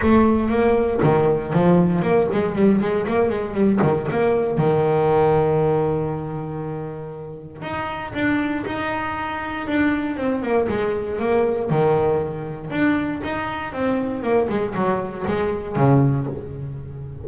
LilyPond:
\new Staff \with { instrumentName = "double bass" } { \time 4/4 \tempo 4 = 118 a4 ais4 dis4 f4 | ais8 gis8 g8 gis8 ais8 gis8 g8 dis8 | ais4 dis2.~ | dis2. dis'4 |
d'4 dis'2 d'4 | c'8 ais8 gis4 ais4 dis4~ | dis4 d'4 dis'4 c'4 | ais8 gis8 fis4 gis4 cis4 | }